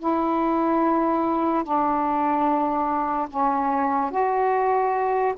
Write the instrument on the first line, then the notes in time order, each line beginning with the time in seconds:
saxophone
0.00 E4
1.64 D4
3.30 C#4
4.11 F#4